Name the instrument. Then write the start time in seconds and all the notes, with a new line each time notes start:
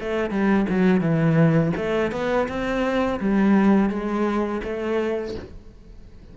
cello
0.00 A3
0.31 G3
0.69 F#3
1.01 E3
1.76 A3
2.12 B3
2.48 C4
3.20 G3
3.90 G#3
4.63 A3